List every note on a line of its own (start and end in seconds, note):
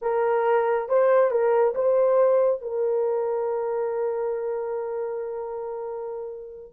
0.01 0.88 A#4
0.88 1.30 C5
1.30 1.74 A#4
1.74 2.61 C5
2.61 6.73 A#4